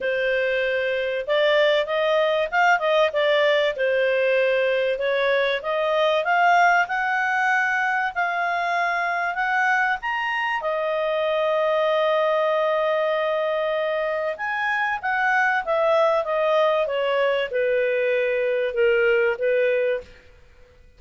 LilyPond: \new Staff \with { instrumentName = "clarinet" } { \time 4/4 \tempo 4 = 96 c''2 d''4 dis''4 | f''8 dis''8 d''4 c''2 | cis''4 dis''4 f''4 fis''4~ | fis''4 f''2 fis''4 |
ais''4 dis''2.~ | dis''2. gis''4 | fis''4 e''4 dis''4 cis''4 | b'2 ais'4 b'4 | }